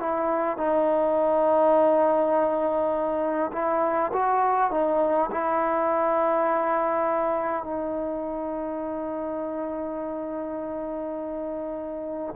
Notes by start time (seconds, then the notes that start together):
0.00 E4
0.57 D#4
3.53 E4
4.13 F#4
4.72 D#4
5.32 E4
7.64 D#4